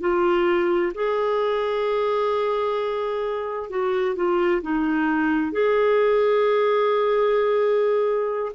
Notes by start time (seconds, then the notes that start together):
0.00 F4
0.94 G#4
3.70 F#4
4.15 F4
4.62 D#4
5.52 G#4